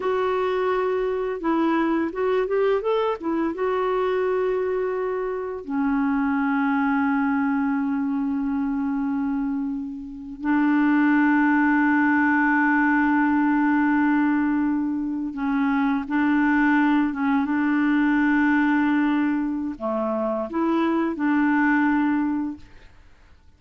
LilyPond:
\new Staff \with { instrumentName = "clarinet" } { \time 4/4 \tempo 4 = 85 fis'2 e'4 fis'8 g'8 | a'8 e'8 fis'2. | cis'1~ | cis'2~ cis'8. d'4~ d'16~ |
d'1~ | d'4.~ d'16 cis'4 d'4~ d'16~ | d'16 cis'8 d'2.~ d'16 | a4 e'4 d'2 | }